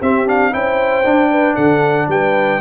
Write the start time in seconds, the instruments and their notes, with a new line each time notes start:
0.00 trombone C4, tuba C4, horn G4, trumpet E5
0.26 trombone D4, trumpet F5
0.51 tuba C#4, trombone E4, horn C5, trumpet G5
1.04 tuba D4, trombone D4
1.30 horn B4
1.54 tuba D3, horn A4, trumpet F#5
2.08 tuba G3, horn B4, trumpet G5